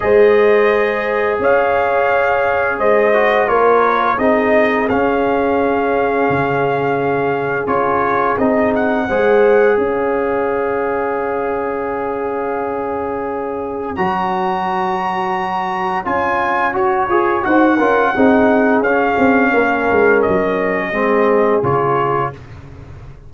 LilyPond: <<
  \new Staff \with { instrumentName = "trumpet" } { \time 4/4 \tempo 4 = 86 dis''2 f''2 | dis''4 cis''4 dis''4 f''4~ | f''2. cis''4 | dis''8 fis''4. f''2~ |
f''1 | ais''2. gis''4 | cis''4 fis''2 f''4~ | f''4 dis''2 cis''4 | }
  \new Staff \with { instrumentName = "horn" } { \time 4/4 c''2 cis''2 | c''4 ais'4 gis'2~ | gis'1~ | gis'4 c''4 cis''2~ |
cis''1~ | cis''1~ | cis''4 c''8 ais'8 gis'2 | ais'2 gis'2 | }
  \new Staff \with { instrumentName = "trombone" } { \time 4/4 gis'1~ | gis'8 fis'8 f'4 dis'4 cis'4~ | cis'2. f'4 | dis'4 gis'2.~ |
gis'1 | fis'2. f'4 | fis'8 gis'8 fis'8 f'8 dis'4 cis'4~ | cis'2 c'4 f'4 | }
  \new Staff \with { instrumentName = "tuba" } { \time 4/4 gis2 cis'2 | gis4 ais4 c'4 cis'4~ | cis'4 cis2 cis'4 | c'4 gis4 cis'2~ |
cis'1 | fis2. cis'4 | fis'8 f'8 dis'8 cis'8 c'4 cis'8 c'8 | ais8 gis8 fis4 gis4 cis4 | }
>>